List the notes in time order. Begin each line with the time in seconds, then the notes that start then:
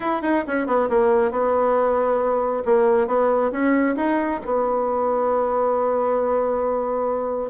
0.00 E4
0.22 D#4
0.47 C#4
0.66 B3
0.89 A#3
1.31 B3
2.65 A#3
3.07 B3
3.51 C#4
3.95 D#4
4.45 B3